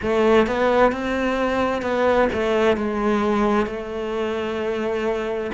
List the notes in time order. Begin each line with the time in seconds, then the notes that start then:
0.02 A3
0.46 B3
0.92 C4
1.82 B3
2.32 A3
2.77 G#3
3.66 A3